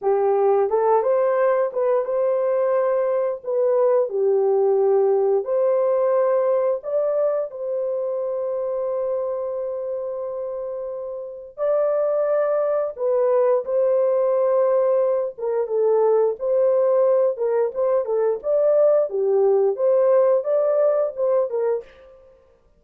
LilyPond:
\new Staff \with { instrumentName = "horn" } { \time 4/4 \tempo 4 = 88 g'4 a'8 c''4 b'8 c''4~ | c''4 b'4 g'2 | c''2 d''4 c''4~ | c''1~ |
c''4 d''2 b'4 | c''2~ c''8 ais'8 a'4 | c''4. ais'8 c''8 a'8 d''4 | g'4 c''4 d''4 c''8 ais'8 | }